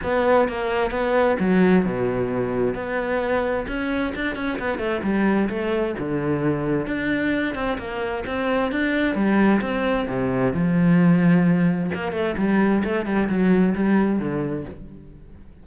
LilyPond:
\new Staff \with { instrumentName = "cello" } { \time 4/4 \tempo 4 = 131 b4 ais4 b4 fis4 | b,2 b2 | cis'4 d'8 cis'8 b8 a8 g4 | a4 d2 d'4~ |
d'8 c'8 ais4 c'4 d'4 | g4 c'4 c4 f4~ | f2 ais8 a8 g4 | a8 g8 fis4 g4 d4 | }